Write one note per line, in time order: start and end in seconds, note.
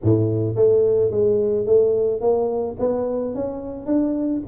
0.02 0.55 A2
0.55 1.10 A3
1.10 1.66 G#3
1.66 2.20 A3
2.20 2.76 A#3
2.79 3.34 B3
3.34 3.86 C#4
3.86 4.41 D4